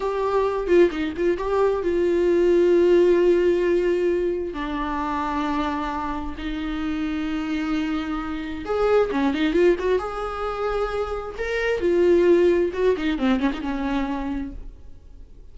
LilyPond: \new Staff \with { instrumentName = "viola" } { \time 4/4 \tempo 4 = 132 g'4. f'8 dis'8 f'8 g'4 | f'1~ | f'2 d'2~ | d'2 dis'2~ |
dis'2. gis'4 | cis'8 dis'8 f'8 fis'8 gis'2~ | gis'4 ais'4 f'2 | fis'8 dis'8 c'8 cis'16 dis'16 cis'2 | }